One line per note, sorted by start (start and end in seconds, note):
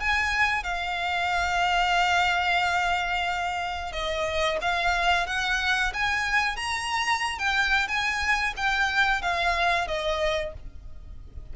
0.00 0.64 G#5
0.64 3.92 F5
3.92 4.58 D#5
4.62 5.27 F5
5.27 5.93 F#5
5.93 6.56 G#5
6.56 7.38 A#5
7.39 7.88 G5
7.88 8.54 G#5
8.57 9.22 G5
9.22 9.88 F5
9.88 10.53 D#5